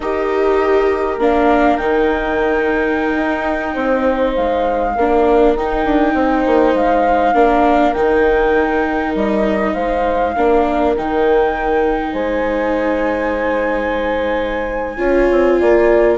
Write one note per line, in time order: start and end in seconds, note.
0.00 1.18 D#4
0.00 1.20 G4
0.00 3.73 A#4
0.00 1.17 D#5
1.18 1.78 A#3
1.18 1.79 D4
1.18 1.77 F5
1.77 3.13 D#3
1.77 4.94 D#4
1.77 4.32 G5
3.15 3.75 D#4
3.73 4.35 C4
3.73 4.93 C5
4.34 4.96 G#3
4.34 5.54 F5
4.95 5.55 A#3
4.95 5.57 D4
4.95 6.14 A#4
5.55 5.84 D#4
5.55 7.34 D#4
5.55 6.75 G5
5.84 6.14 D4
6.14 6.44 C4
6.14 7.34 C5
6.46 6.74 A#3
6.74 7.33 G#3
6.74 7.93 F5
7.33 7.93 A#3
7.33 7.94 D4
7.33 9.74 A#4
7.93 9.14 D#3
7.93 10.35 D#4
7.93 9.13 G5
9.14 9.74 G3
9.14 9.73 D#5
9.73 10.35 G#3
9.73 10.34 C5
9.73 10.94 F5
10.36 10.96 A#3
10.36 10.96 D4
10.36 12.12 A#4
10.96 12.13 D#3
10.96 14.97 D#4
10.96 12.12 G5
12.12 14.97 G#3
12.12 14.97 C5
12.12 16.17 G#5
14.97 15.27 C#4
14.97 16.17 F4
14.97 15.58 C#5
15.31 15.61 C4
15.60 16.18 A#3
15.60 16.18 D5